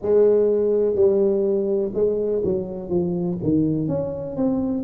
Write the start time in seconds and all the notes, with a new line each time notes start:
0.01 G#3
0.95 G3
1.94 G#3
2.44 F#3
2.89 F3
3.42 D#3
3.88 C#4
4.36 C4